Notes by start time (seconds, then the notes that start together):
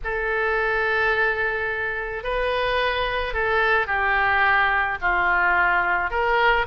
0.04 A4
2.23 B4
3.33 A4
3.86 G4
5.01 F4
6.10 A#4